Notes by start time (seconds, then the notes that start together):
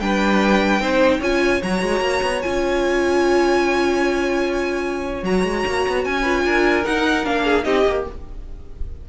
0.00 G3 D4 B4 G5
0.80 C4 D#4 C5
1.19 C#4 F4 C#5 G#5
1.62 F#3 F#4 A#5
1.82 G#3
2.00 A#3
2.22 B3
2.42 C#4 F4 G#5
5.23 F#3 F#4 A#5
5.44 G#3
5.66 A#3
5.87 B3
6.05 C#4 G#5
6.21 F4 B4
6.44 D4 A#4
6.83 D#4 F#5
7.23 A#3 D4 F5
7.43 G#4
7.63 C4 D#4 G4 D#5
7.86 A#3 G4